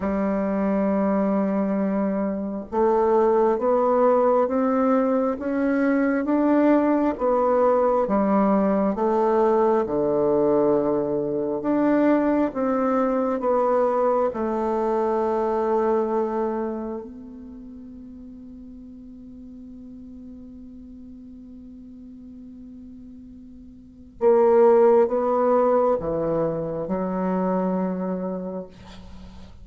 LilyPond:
\new Staff \with { instrumentName = "bassoon" } { \time 4/4 \tempo 4 = 67 g2. a4 | b4 c'4 cis'4 d'4 | b4 g4 a4 d4~ | d4 d'4 c'4 b4 |
a2. b4~ | b1~ | b2. ais4 | b4 e4 fis2 | }